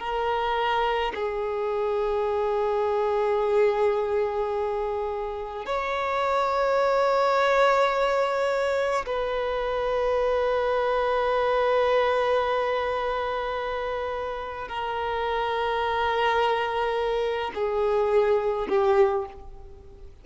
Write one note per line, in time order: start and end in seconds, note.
0.00 1.13 A#4
1.15 5.66 G#4
5.66 9.06 C#5
9.06 14.69 B4
14.69 17.52 A#4
17.55 18.68 G#4
18.69 19.26 G4